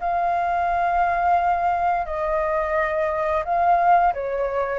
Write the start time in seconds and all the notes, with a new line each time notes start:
0.00 F5
2.06 D#5
3.45 F5
4.14 C#5